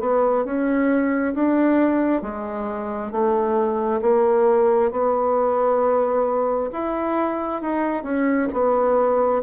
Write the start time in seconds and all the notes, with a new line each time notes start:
0.00 B3
0.45 C#4
1.34 D4
2.22 G#3
3.11 A3
4.01 A#3
4.91 B3
6.72 E4
7.62 D#4
8.03 C#4
8.53 B3